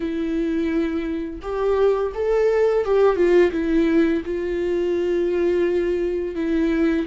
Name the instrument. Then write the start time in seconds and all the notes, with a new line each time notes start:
viola
0.00 E4
1.41 G4
2.14 A4
2.84 G4
3.16 F4
3.51 E4
4.25 F4
6.35 E4